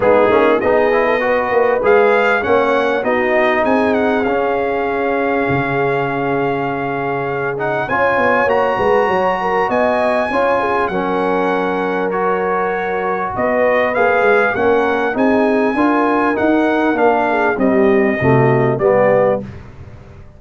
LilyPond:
<<
  \new Staff \with { instrumentName = "trumpet" } { \time 4/4 \tempo 4 = 99 gis'4 dis''2 f''4 | fis''4 dis''4 gis''8 fis''8 f''4~ | f''1~ | f''8 fis''8 gis''4 ais''2 |
gis''2 fis''2 | cis''2 dis''4 f''4 | fis''4 gis''2 fis''4 | f''4 dis''2 d''4 | }
  \new Staff \with { instrumentName = "horn" } { \time 4/4 dis'4 gis'8. a'16 b'2 | cis''4 fis'4 gis'2~ | gis'1~ | gis'4 cis''4. b'8 cis''8 ais'8 |
dis''4 cis''8 gis'8 ais'2~ | ais'2 b'2 | ais'4 gis'4 ais'2~ | ais'8 gis'8 g'4 fis'4 g'4 | }
  \new Staff \with { instrumentName = "trombone" } { \time 4/4 b8 cis'8 dis'8 e'8 fis'4 gis'4 | cis'4 dis'2 cis'4~ | cis'1~ | cis'8 dis'8 f'4 fis'2~ |
fis'4 f'4 cis'2 | fis'2. gis'4 | cis'4 dis'4 f'4 dis'4 | d'4 g4 a4 b4 | }
  \new Staff \with { instrumentName = "tuba" } { \time 4/4 gis8 ais8 b4. ais8 gis4 | ais4 b4 c'4 cis'4~ | cis'4 cis2.~ | cis4 cis'8 b8 ais8 gis8 fis4 |
b4 cis'4 fis2~ | fis2 b4 ais8 gis8 | ais4 c'4 d'4 dis'4 | ais4 c'4 c4 g4 | }
>>